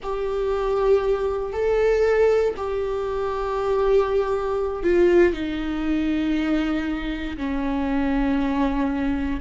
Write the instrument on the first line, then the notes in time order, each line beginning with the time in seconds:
viola
0.02 G4
1.53 A4
2.57 G4
4.83 F4
5.33 D#4
7.37 C#4